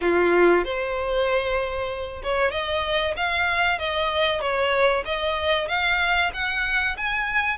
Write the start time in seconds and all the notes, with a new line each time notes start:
0.01 F4
0.64 C5
2.23 C#5
2.51 D#5
3.16 F5
3.78 D#5
4.40 C#5
5.05 D#5
5.68 F5
6.33 F#5
6.97 G#5